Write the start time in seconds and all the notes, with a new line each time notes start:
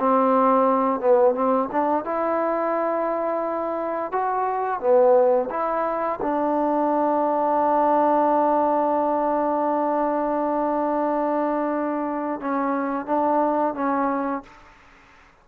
0.00 C4
1.01 B3
1.35 C4
1.72 D4
2.05 E4
4.12 F#4
4.81 B3
5.51 E4
6.22 D4
12.41 C#4
13.06 D4
13.74 C#4